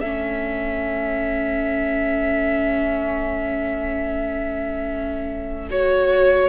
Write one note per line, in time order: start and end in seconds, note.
0.00 6.48 A3
0.00 5.70 C#4
0.00 6.48 A4
0.00 5.68 E5
5.70 6.48 F#4
5.70 6.48 C#5